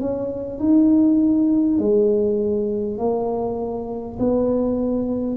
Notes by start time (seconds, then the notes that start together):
0.00 C#4
0.59 D#4
1.79 G#3
2.98 A#3
4.19 B3